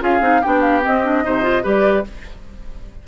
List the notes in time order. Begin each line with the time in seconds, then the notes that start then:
0.00 C#4 F4 G#4 F5
0.20 C4 D#4
0.41 B3 D4 G4 G5
0.61 F5
0.82 C4 D#5
1.03 D4
1.23 C3 D#4 C5
1.42 F4
1.63 G3 G4 B4 D5